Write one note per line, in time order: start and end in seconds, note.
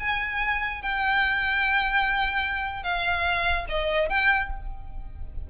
0.00 0.82 G#5
0.82 2.84 G5
2.84 3.66 F5
3.69 4.09 D#5
4.09 4.51 G5